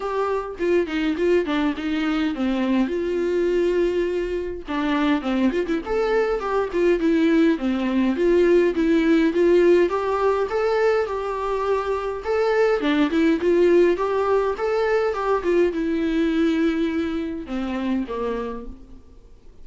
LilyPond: \new Staff \with { instrumentName = "viola" } { \time 4/4 \tempo 4 = 103 g'4 f'8 dis'8 f'8 d'8 dis'4 | c'4 f'2. | d'4 c'8 f'16 e'16 a'4 g'8 f'8 | e'4 c'4 f'4 e'4 |
f'4 g'4 a'4 g'4~ | g'4 a'4 d'8 e'8 f'4 | g'4 a'4 g'8 f'8 e'4~ | e'2 c'4 ais4 | }